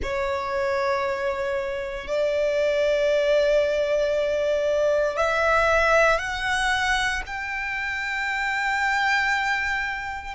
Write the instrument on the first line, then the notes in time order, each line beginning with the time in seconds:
violin
0.02 C#5
2.07 D5
5.17 E5
6.18 F#5
7.26 G5